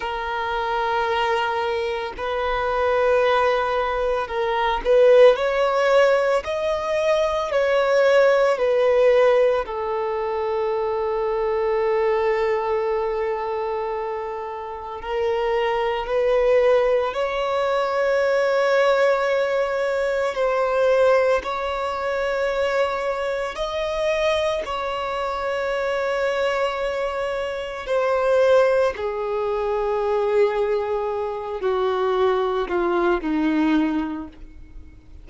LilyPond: \new Staff \with { instrumentName = "violin" } { \time 4/4 \tempo 4 = 56 ais'2 b'2 | ais'8 b'8 cis''4 dis''4 cis''4 | b'4 a'2.~ | a'2 ais'4 b'4 |
cis''2. c''4 | cis''2 dis''4 cis''4~ | cis''2 c''4 gis'4~ | gis'4. fis'4 f'8 dis'4 | }